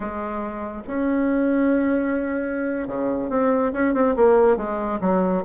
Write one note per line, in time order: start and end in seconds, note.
0.00 0.82 G#3
0.87 2.87 C#4
2.87 3.29 C#3
3.29 3.72 C4
3.72 3.93 C#4
3.93 4.15 C4
4.16 4.56 A#3
4.56 4.99 G#3
5.00 5.43 F#3